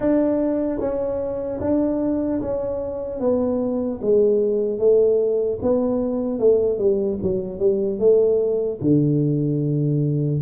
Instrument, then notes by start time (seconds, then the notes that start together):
tuba
0.00 D4
0.79 C#4
1.60 D4
2.41 C#4
3.20 B3
4.01 G#3
4.78 A3
5.61 B3
6.39 A3
6.78 G3
7.22 F#3
7.59 G3
7.99 A3
8.81 D3